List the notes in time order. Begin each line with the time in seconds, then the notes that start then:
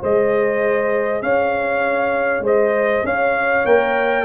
0.00 G#3 G#4 C5 D#5
1.22 C#4 C#5 F5
2.40 G#3 C5 D#5
3.03 C#4 C#5 F5
3.65 A#3 A#4 G5